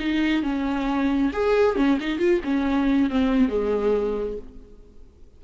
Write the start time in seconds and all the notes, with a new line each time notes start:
0.00 D#4
0.43 C#4
1.33 G#4
1.77 C#4
2.01 D#4
2.19 F4
2.44 C#4
3.11 C4
3.49 G#3